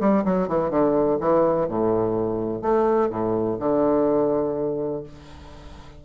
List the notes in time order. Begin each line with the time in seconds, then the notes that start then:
0.00 G3
0.24 F#3
0.48 E3
0.70 D3
1.20 E3
1.68 A2
2.61 A3
3.10 A2
3.59 D3